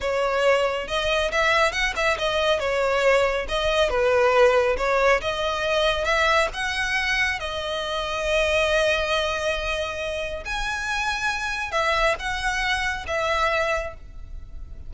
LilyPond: \new Staff \with { instrumentName = "violin" } { \time 4/4 \tempo 4 = 138 cis''2 dis''4 e''4 | fis''8 e''8 dis''4 cis''2 | dis''4 b'2 cis''4 | dis''2 e''4 fis''4~ |
fis''4 dis''2.~ | dis''1 | gis''2. e''4 | fis''2 e''2 | }